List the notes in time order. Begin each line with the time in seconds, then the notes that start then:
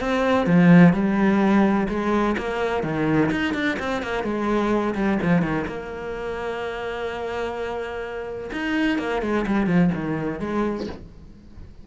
0.00 C4
0.46 F3
0.93 G3
1.89 G#3
2.38 A#3
2.83 D#3
3.31 D#4
3.54 D4
3.79 C4
4.02 A#3
4.23 G#3
4.95 G3
5.22 F3
5.42 D#3
5.67 A#3
8.52 D#4
8.98 A#3
9.22 G#3
9.47 G3
9.66 F3
9.94 D#3
10.39 G#3